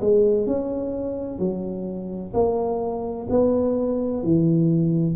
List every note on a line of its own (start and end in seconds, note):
0.00 0.46 G#3
0.46 1.39 C#4
1.39 2.33 F#3
2.34 3.27 A#3
3.29 4.23 B3
4.23 5.16 E3